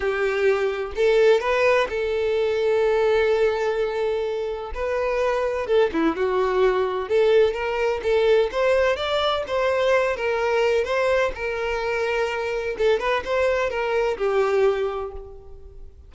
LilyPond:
\new Staff \with { instrumentName = "violin" } { \time 4/4 \tempo 4 = 127 g'2 a'4 b'4 | a'1~ | a'2 b'2 | a'8 e'8 fis'2 a'4 |
ais'4 a'4 c''4 d''4 | c''4. ais'4. c''4 | ais'2. a'8 b'8 | c''4 ais'4 g'2 | }